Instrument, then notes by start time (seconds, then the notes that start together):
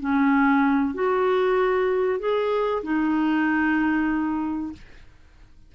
clarinet
0.00 C#4
0.94 F#4
2.20 G#4
2.83 D#4